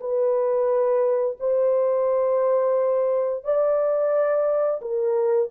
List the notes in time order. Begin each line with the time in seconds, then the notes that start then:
0.00 B4
1.39 C5
3.44 D5
4.81 A#4